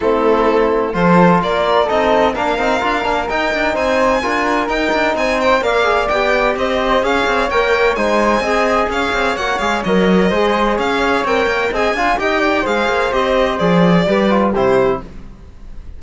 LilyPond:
<<
  \new Staff \with { instrumentName = "violin" } { \time 4/4 \tempo 4 = 128 a'2 c''4 d''4 | dis''4 f''2 g''4 | gis''2 g''4 gis''8 g''8 | f''4 g''4 dis''4 f''4 |
g''4 gis''2 f''4 | fis''8 f''8 dis''2 f''4 | g''4 gis''4 g''4 f''4 | dis''4 d''2 c''4 | }
  \new Staff \with { instrumentName = "flute" } { \time 4/4 e'2 a'4 ais'4 | a'4 ais'2. | c''4 ais'2 c''4 | d''2 c''4 cis''4~ |
cis''4 c''4 dis''4 cis''4~ | cis''2 c''4 cis''4~ | cis''4 dis''8 f''8 dis''8 d''8 c''4~ | c''2 b'4 g'4 | }
  \new Staff \with { instrumentName = "trombone" } { \time 4/4 c'2 f'2 | dis'4 d'8 dis'8 f'8 d'8 dis'4~ | dis'4 f'4 dis'2 | ais'8 gis'8 g'2 gis'4 |
ais'4 dis'4 gis'2 | fis'8 gis'8 ais'4 gis'2 | ais'4 gis'8 f'8 g'4 gis'4 | g'4 gis'4 g'8 f'8 e'4 | }
  \new Staff \with { instrumentName = "cello" } { \time 4/4 a2 f4 ais4 | c'4 ais8 c'8 d'8 ais8 dis'8 d'8 | c'4 d'4 dis'8 d'8 c'4 | ais4 b4 c'4 cis'8 c'8 |
ais4 gis4 c'4 cis'8 c'8 | ais8 gis8 fis4 gis4 cis'4 | c'8 ais8 c'8 d'8 dis'4 gis8 ais8 | c'4 f4 g4 c4 | }
>>